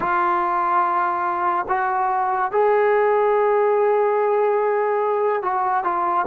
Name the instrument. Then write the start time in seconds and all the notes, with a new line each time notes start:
trombone
0.00 F4
1.68 F#4
2.52 G#4
5.42 F#4
5.83 F4